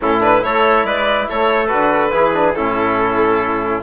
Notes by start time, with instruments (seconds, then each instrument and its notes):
0.01 bassoon A2, trombone C#4, trumpet E4, violin A4
0.20 trombone D4, violin B4
0.40 bassoon A3, trombone E4, trumpet A4, violin C#5
0.83 bassoon G#3, trumpet B4, violin D5
1.29 bassoon A3, trumpet A4, violin C#5
1.66 bassoon D3, trombone F#4, violin B4
2.11 bassoon E3, trombone E4, trumpet G#4
2.34 trombone D4
2.54 bassoon A2, trombone C#4, trumpet E4, violin A4